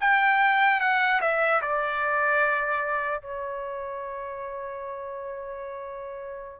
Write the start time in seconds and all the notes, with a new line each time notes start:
0.00 G5
0.80 F#5
1.21 E5
1.61 D5
3.21 C#5